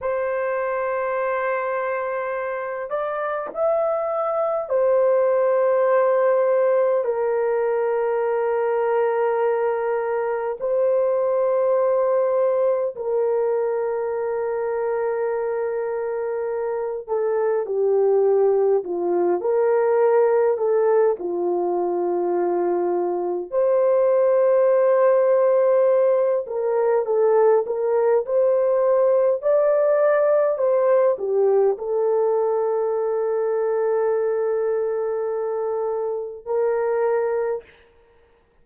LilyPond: \new Staff \with { instrumentName = "horn" } { \time 4/4 \tempo 4 = 51 c''2~ c''8 d''8 e''4 | c''2 ais'2~ | ais'4 c''2 ais'4~ | ais'2~ ais'8 a'8 g'4 |
f'8 ais'4 a'8 f'2 | c''2~ c''8 ais'8 a'8 ais'8 | c''4 d''4 c''8 g'8 a'4~ | a'2. ais'4 | }